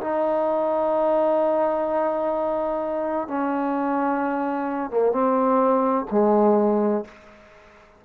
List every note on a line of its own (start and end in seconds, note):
0.00 3.27 D#4
3.27 4.90 C#4
4.90 5.11 A#3
5.11 6.05 C4
6.11 7.04 G#3